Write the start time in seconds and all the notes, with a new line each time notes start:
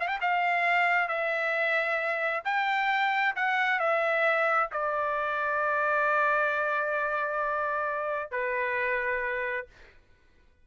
0.00 F5
0.08 G5
0.21 F5
1.08 E5
2.45 G5
3.36 F#5
3.80 E5
4.72 D5
8.31 B4